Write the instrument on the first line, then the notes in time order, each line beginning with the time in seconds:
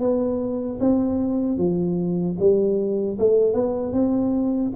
tuba
0.00 B3
0.80 C4
1.58 F3
2.39 G3
3.19 A3
3.54 B3
3.93 C4